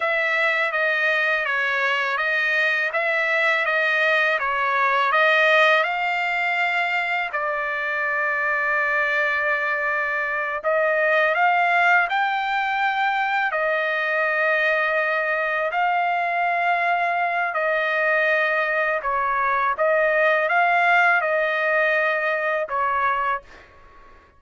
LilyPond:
\new Staff \with { instrumentName = "trumpet" } { \time 4/4 \tempo 4 = 82 e''4 dis''4 cis''4 dis''4 | e''4 dis''4 cis''4 dis''4 | f''2 d''2~ | d''2~ d''8 dis''4 f''8~ |
f''8 g''2 dis''4.~ | dis''4. f''2~ f''8 | dis''2 cis''4 dis''4 | f''4 dis''2 cis''4 | }